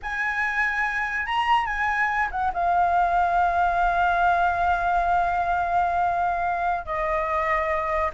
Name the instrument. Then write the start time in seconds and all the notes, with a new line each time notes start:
flute
0.02 G#5
1.26 A#5
1.66 G#5
2.31 F#5
2.53 F5
6.85 D#5